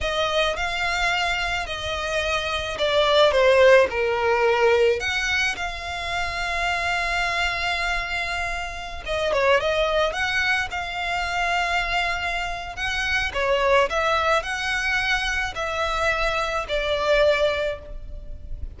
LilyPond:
\new Staff \with { instrumentName = "violin" } { \time 4/4 \tempo 4 = 108 dis''4 f''2 dis''4~ | dis''4 d''4 c''4 ais'4~ | ais'4 fis''4 f''2~ | f''1~ |
f''16 dis''8 cis''8 dis''4 fis''4 f''8.~ | f''2. fis''4 | cis''4 e''4 fis''2 | e''2 d''2 | }